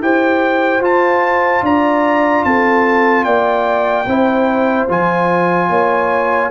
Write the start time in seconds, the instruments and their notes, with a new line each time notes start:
0.00 tuba E4, trombone G4, horn C5, trumpet G5
0.80 tuba F4, trombone F4, trumpet A5
1.62 tuba D4, horn D5, trumpet A#5
2.44 tuba C4, horn A4, trumpet A5
3.24 tuba A#3, horn D5, trumpet G5
4.06 tuba C4, trombone E4, horn C5
4.88 tuba F3, trombone F4, trumpet G#5
5.69 tuba A#3, horn C#5